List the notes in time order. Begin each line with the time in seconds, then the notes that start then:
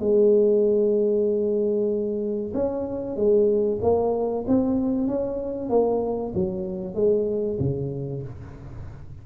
0.00 G#3
2.54 C#4
3.16 G#3
3.82 A#3
4.47 C4
5.07 C#4
5.70 A#3
6.35 F#3
6.94 G#3
7.59 C#3